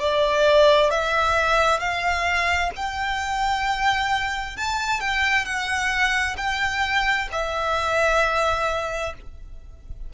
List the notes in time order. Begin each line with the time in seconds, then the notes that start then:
0.00 D5
0.91 E5
1.80 F5
2.76 G5
4.57 A5
5.01 G5
5.46 F#5
6.38 G5
7.32 E5